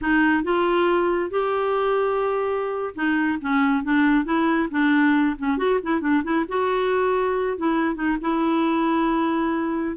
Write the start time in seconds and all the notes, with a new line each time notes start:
0.01 D#4
0.43 F4
1.30 G4
2.95 D#4
3.41 C#4
3.84 D4
4.24 E4
4.70 D4
5.38 C#4
5.57 F#4
5.82 E4
6.00 D4
6.23 E4
6.48 F#4
7.57 E4
7.95 D#4
8.21 E4